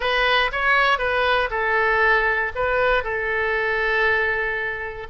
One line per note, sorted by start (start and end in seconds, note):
0.00 0.50 B4
0.52 0.98 C#5
0.98 1.49 B4
1.50 2.52 A4
2.55 3.03 B4
3.03 5.07 A4